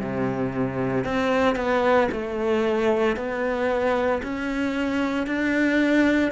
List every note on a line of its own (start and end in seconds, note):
0.00 1.05 C3
1.05 1.56 C4
1.56 2.09 B3
2.12 3.17 A3
3.17 4.22 B3
4.23 5.27 C#4
5.27 6.32 D4